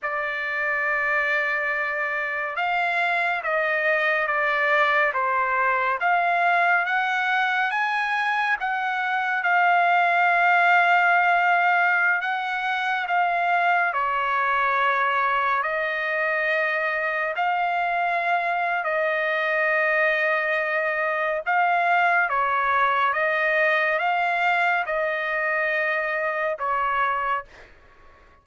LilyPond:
\new Staff \with { instrumentName = "trumpet" } { \time 4/4 \tempo 4 = 70 d''2. f''4 | dis''4 d''4 c''4 f''4 | fis''4 gis''4 fis''4 f''4~ | f''2~ f''16 fis''4 f''8.~ |
f''16 cis''2 dis''4.~ dis''16~ | dis''16 f''4.~ f''16 dis''2~ | dis''4 f''4 cis''4 dis''4 | f''4 dis''2 cis''4 | }